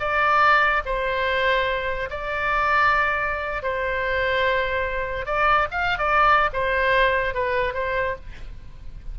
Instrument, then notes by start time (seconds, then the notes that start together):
oboe
0.00 D5
0.85 C5
2.10 D5
3.62 C5
5.26 D5
5.71 F5
5.98 D5
6.53 C5
7.34 B4
7.74 C5